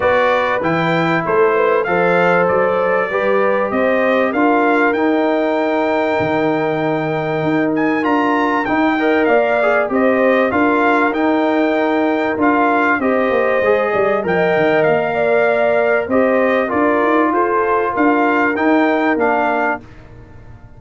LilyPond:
<<
  \new Staff \with { instrumentName = "trumpet" } { \time 4/4 \tempo 4 = 97 d''4 g''4 c''4 f''4 | d''2 dis''4 f''4 | g''1~ | g''8 gis''8 ais''4 g''4 f''4 |
dis''4 f''4 g''2 | f''4 dis''2 g''4 | f''2 dis''4 d''4 | c''4 f''4 g''4 f''4 | }
  \new Staff \with { instrumentName = "horn" } { \time 4/4 b'2 a'8 b'8 c''4~ | c''4 b'4 c''4 ais'4~ | ais'1~ | ais'2~ ais'8 dis''8 d''4 |
c''4 ais'2.~ | ais'4 c''4. d''8 dis''4~ | dis''8 d''4. c''4 ais'4 | a'4 ais'2. | }
  \new Staff \with { instrumentName = "trombone" } { \time 4/4 fis'4 e'2 a'4~ | a'4 g'2 f'4 | dis'1~ | dis'4 f'4 dis'8 ais'4 gis'8 |
g'4 f'4 dis'2 | f'4 g'4 gis'4 ais'4~ | ais'2 g'4 f'4~ | f'2 dis'4 d'4 | }
  \new Staff \with { instrumentName = "tuba" } { \time 4/4 b4 e4 a4 f4 | fis4 g4 c'4 d'4 | dis'2 dis2 | dis'4 d'4 dis'4 ais4 |
c'4 d'4 dis'2 | d'4 c'8 ais8 gis8 g8 f8 dis8 | ais2 c'4 d'8 dis'8 | f'4 d'4 dis'4 ais4 | }
>>